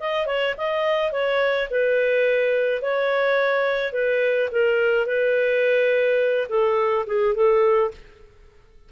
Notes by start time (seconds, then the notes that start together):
0.00 D#5
0.27 C#5
0.57 D#5
1.12 C#5
1.70 B4
2.82 C#5
3.93 B4
4.52 A#4
5.06 B4
6.49 A4
7.07 G#4
7.35 A4